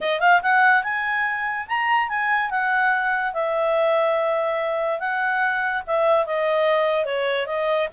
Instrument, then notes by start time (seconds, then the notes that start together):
clarinet
0.00 D#5
0.20 F5
0.42 F#5
0.83 G#5
1.67 A#5
2.08 G#5
2.50 F#5
3.33 E5
4.99 F#5
5.86 E5
6.26 D#5
7.05 C#5
7.46 D#5